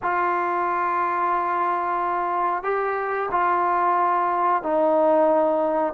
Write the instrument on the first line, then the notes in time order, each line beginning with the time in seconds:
trombone
0.02 F4
2.63 G4
3.31 F4
4.62 D#4